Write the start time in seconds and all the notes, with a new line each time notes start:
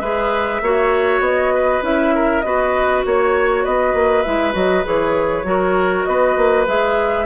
0.00 G#3 G#4 B4 E5
0.62 A#3 F#4 C#5
1.20 B3 D#5
1.54 B4
1.82 C#4 E4 E5
2.15 A#4
2.41 B3 F#4 B4 D#5
3.06 A#3 C#5
3.64 B3 B4 D#5
3.94 A#3
4.23 G#3 E4 E5
4.53 F#3 F#4 D#5
4.84 E3 G#4 C#5
5.44 F#3 F#4 A#4
6.05 B3 B4 D#5
6.37 A#3
6.67 G#3 G#4 E5